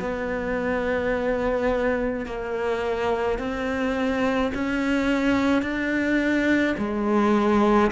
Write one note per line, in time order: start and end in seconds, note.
0.00 2.26 B3
2.26 3.39 A#3
3.39 4.52 C4
4.54 5.62 C#4
5.62 6.76 D4
6.78 7.91 G#3